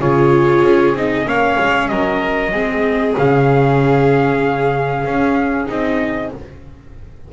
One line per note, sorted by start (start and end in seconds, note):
0.00 0.63 C#3
0.00 0.96 F4
0.00 1.27 G#4
0.00 0.96 C#5
0.63 0.93 C#4
0.93 1.25 C4
0.93 1.25 D#4
0.93 1.29 D#5
1.25 1.57 A#3
1.25 2.51 C#4
1.25 1.90 C#5
1.25 1.88 F5
1.60 1.91 G#3
1.88 2.52 F#3
1.88 2.52 A#4
1.88 3.15 D#5
2.52 3.15 G#3
2.52 3.17 C4
2.52 6.31 G#4
3.18 5.05 C#3
3.18 5.66 C#4
3.18 5.69 F5
5.05 5.68 C#4
5.66 6.32 C4
5.66 6.29 D#4
5.66 6.33 D#5